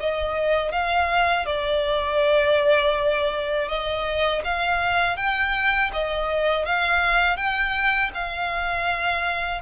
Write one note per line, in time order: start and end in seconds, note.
0.00 0.72 D#5
0.72 1.46 F5
1.46 3.68 D5
3.69 4.43 D#5
4.44 5.17 F5
5.17 5.91 G5
5.93 6.66 D#5
6.66 7.37 F5
7.37 8.11 G5
8.14 9.62 F5